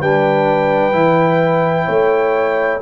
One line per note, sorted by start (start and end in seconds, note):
0.00 0.93 G3
0.00 0.93 D4
0.00 1.87 B4
0.00 2.82 G5
0.93 1.87 E3
0.93 2.80 E4
1.87 2.82 A3
1.87 2.80 C#5